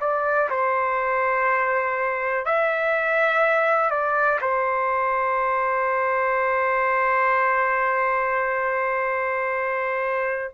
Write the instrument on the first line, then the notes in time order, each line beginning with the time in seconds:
trumpet
0.00 D5
0.50 C5
2.45 E5
3.90 D5
4.41 C5